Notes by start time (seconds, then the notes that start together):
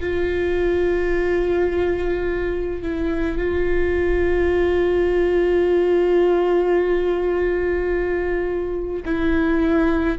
0.00 F4
2.82 E4
3.38 F4
9.05 E4